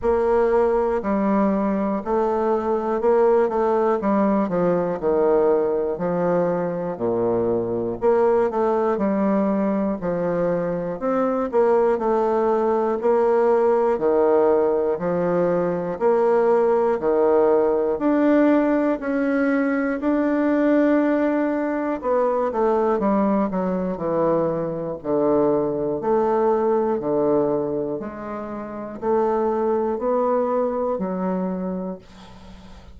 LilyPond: \new Staff \with { instrumentName = "bassoon" } { \time 4/4 \tempo 4 = 60 ais4 g4 a4 ais8 a8 | g8 f8 dis4 f4 ais,4 | ais8 a8 g4 f4 c'8 ais8 | a4 ais4 dis4 f4 |
ais4 dis4 d'4 cis'4 | d'2 b8 a8 g8 fis8 | e4 d4 a4 d4 | gis4 a4 b4 fis4 | }